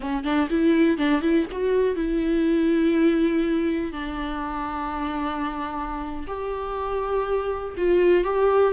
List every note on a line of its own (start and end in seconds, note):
0.00 0.23 C#4
0.23 0.48 D4
0.50 0.97 E4
0.97 1.21 D4
1.21 1.46 E4
1.51 1.95 F#4
1.95 3.92 E4
3.92 6.26 D4
6.27 7.74 G4
7.77 8.24 F4
8.24 8.73 G4